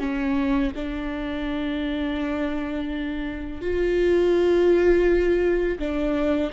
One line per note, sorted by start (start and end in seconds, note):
0.00 0.72 C#4
0.76 3.62 D4
3.62 5.79 F4
5.79 6.52 D4